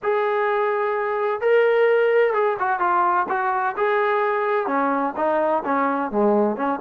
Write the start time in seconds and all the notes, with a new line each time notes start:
0.02 G#4
1.41 A#4
2.33 G#4
2.59 F#4
2.79 F4
3.28 F#4
3.76 G#4
4.66 C#4
5.16 D#4
5.64 C#4
6.11 G#3
6.56 C#4